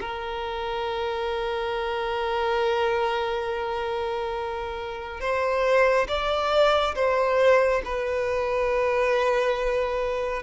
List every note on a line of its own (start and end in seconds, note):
0.00 5.20 A#4
5.20 6.07 C5
6.08 6.95 D5
6.95 7.82 C5
7.85 10.42 B4